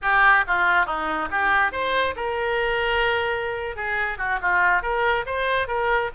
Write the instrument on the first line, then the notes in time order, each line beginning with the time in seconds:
oboe
0.01 G4
0.47 F4
0.86 D#4
1.31 G4
1.71 C5
2.16 A#4
3.76 G#4
4.17 F#4
4.41 F4
4.82 A#4
5.25 C5
5.67 A#4